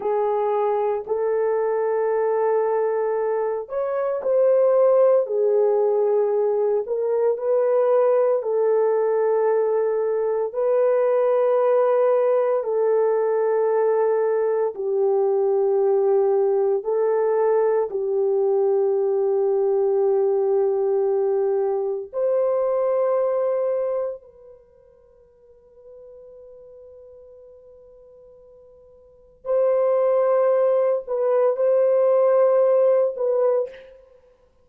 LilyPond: \new Staff \with { instrumentName = "horn" } { \time 4/4 \tempo 4 = 57 gis'4 a'2~ a'8 cis''8 | c''4 gis'4. ais'8 b'4 | a'2 b'2 | a'2 g'2 |
a'4 g'2.~ | g'4 c''2 b'4~ | b'1 | c''4. b'8 c''4. b'8 | }